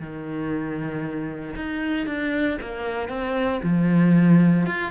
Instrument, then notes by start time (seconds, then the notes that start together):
cello
0.00 D#3
1.56 D#4
2.06 D4
2.61 A#3
3.09 C4
3.63 F3
4.66 F4